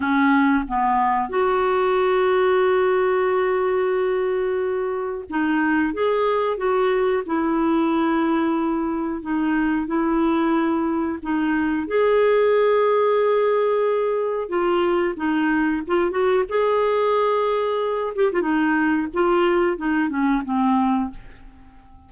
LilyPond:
\new Staff \with { instrumentName = "clarinet" } { \time 4/4 \tempo 4 = 91 cis'4 b4 fis'2~ | fis'1 | dis'4 gis'4 fis'4 e'4~ | e'2 dis'4 e'4~ |
e'4 dis'4 gis'2~ | gis'2 f'4 dis'4 | f'8 fis'8 gis'2~ gis'8 g'16 f'16 | dis'4 f'4 dis'8 cis'8 c'4 | }